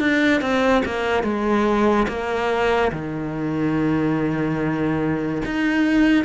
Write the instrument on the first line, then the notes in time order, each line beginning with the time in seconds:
cello
0.00 D4
0.42 C4
0.86 A#3
1.24 G#3
2.09 A#3
2.92 D#3
5.45 D#4